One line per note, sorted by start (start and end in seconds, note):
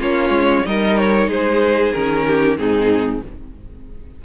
0.00 0.30 A#3
0.00 0.65 C#4
0.00 0.65 F4
0.00 0.66 C#5
0.30 0.62 G#3
0.65 1.28 G3
0.65 1.94 D#4
0.65 1.29 A#4
0.65 0.98 D#5
0.98 1.30 C#5
1.28 1.92 G#3
1.28 2.26 G#4
1.28 1.93 C5
1.93 2.58 D#3
1.93 2.57 C#4
1.93 2.57 A#4
2.26 2.59 G4
2.57 3.23 G#2
2.57 3.22 C4
2.57 3.24 D#4
2.57 3.22 G#4